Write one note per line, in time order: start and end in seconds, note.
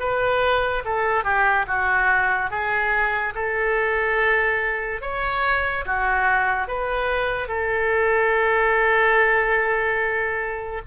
0.00 0.83 B4
0.85 1.24 A4
1.24 1.66 G4
1.67 2.51 F#4
2.51 3.34 G#4
3.35 5.02 A4
5.02 5.85 C#5
5.86 6.68 F#4
6.68 7.48 B4
7.48 10.82 A4